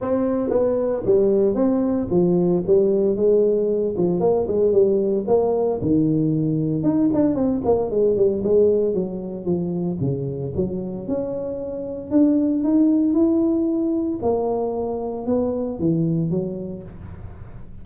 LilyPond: \new Staff \with { instrumentName = "tuba" } { \time 4/4 \tempo 4 = 114 c'4 b4 g4 c'4 | f4 g4 gis4. f8 | ais8 gis8 g4 ais4 dis4~ | dis4 dis'8 d'8 c'8 ais8 gis8 g8 |
gis4 fis4 f4 cis4 | fis4 cis'2 d'4 | dis'4 e'2 ais4~ | ais4 b4 e4 fis4 | }